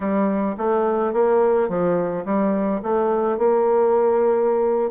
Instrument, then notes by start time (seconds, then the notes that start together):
bassoon
0.00 G3
0.57 A3
1.13 A#3
1.68 F3
2.25 G3
2.82 A3
3.38 A#3